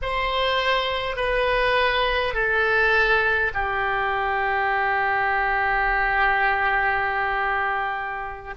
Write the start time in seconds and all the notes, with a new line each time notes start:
0.02 C5
1.16 B4
2.34 A4
3.53 G4